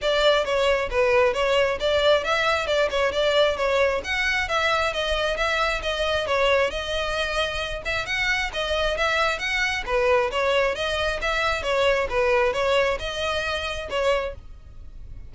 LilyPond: \new Staff \with { instrumentName = "violin" } { \time 4/4 \tempo 4 = 134 d''4 cis''4 b'4 cis''4 | d''4 e''4 d''8 cis''8 d''4 | cis''4 fis''4 e''4 dis''4 | e''4 dis''4 cis''4 dis''4~ |
dis''4. e''8 fis''4 dis''4 | e''4 fis''4 b'4 cis''4 | dis''4 e''4 cis''4 b'4 | cis''4 dis''2 cis''4 | }